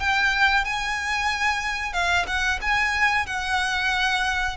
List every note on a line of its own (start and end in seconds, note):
0.00 0.65 G5
0.65 1.93 G#5
1.93 2.26 F5
2.27 2.60 F#5
2.61 3.26 G#5
3.26 4.57 F#5